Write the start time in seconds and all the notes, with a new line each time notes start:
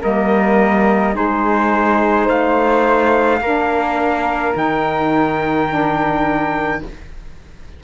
0.00 G3 A#3 A#4 D#5
1.13 G#3 D#4 G#4 C5
2.25 A3 C5 F5
3.40 A#3 D4 A#4
4.54 D#3 D#4 G5
5.68 D4